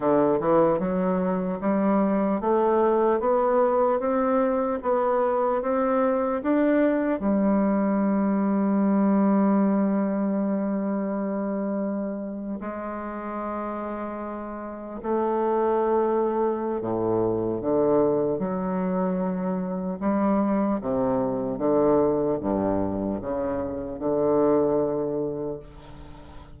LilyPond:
\new Staff \with { instrumentName = "bassoon" } { \time 4/4 \tempo 4 = 75 d8 e8 fis4 g4 a4 | b4 c'4 b4 c'4 | d'4 g2.~ | g2.~ g8. gis16~ |
gis2~ gis8. a4~ a16~ | a4 a,4 d4 fis4~ | fis4 g4 c4 d4 | g,4 cis4 d2 | }